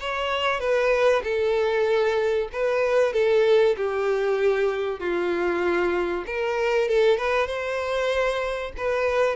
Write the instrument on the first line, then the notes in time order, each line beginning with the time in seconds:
violin
0.00 C#5
0.60 B4
1.24 A4
2.53 B4
3.13 A4
3.77 G4
5.00 F4
6.26 A#4
6.88 A4
7.17 B4
7.47 C5
8.77 B4